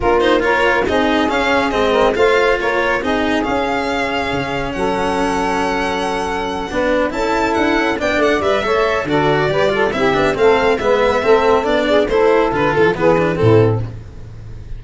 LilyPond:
<<
  \new Staff \with { instrumentName = "violin" } { \time 4/4 \tempo 4 = 139 ais'8 c''8 cis''4 dis''4 f''4 | dis''4 f''4 cis''4 dis''4 | f''2. fis''4~ | fis''1~ |
fis''8 a''4 fis''4 g''8 fis''8 e''8~ | e''4 d''2 e''4 | f''4 e''2 d''4 | c''4 b'8 a'8 b'4 a'4 | }
  \new Staff \with { instrumentName = "saxophone" } { \time 4/4 f'4 ais'4 gis'2~ | gis'8 ais'8 c''4 ais'4 gis'4~ | gis'2. a'4~ | a'2.~ a'8 b'8~ |
b'8 a'2 d''4. | cis''4 a'4 b'8 a'8 g'4 | a'4 b'4 a'4. gis'8 | a'2 gis'4 e'4 | }
  \new Staff \with { instrumentName = "cello" } { \time 4/4 d'8 dis'8 f'4 dis'4 cis'4 | c'4 f'2 dis'4 | cis'1~ | cis'2.~ cis'8 d'8~ |
d'8 e'2 d'4 b'8 | a'4 fis'4 g'8 f'8 e'8 d'8 | c'4 b4 c'4 d'4 | e'4 f'4 b8 d'8 c'4 | }
  \new Staff \with { instrumentName = "tuba" } { \time 4/4 ais2 c'4 cis'4 | gis4 a4 ais4 c'4 | cis'2 cis4 fis4~ | fis2.~ fis8 b8~ |
b8 cis'4 d'8 cis'8 b8 a8 g8 | a4 d4 g4 c'8 b8 | a4 gis4 a4 b4 | a4 d8 e16 f16 e4 a,4 | }
>>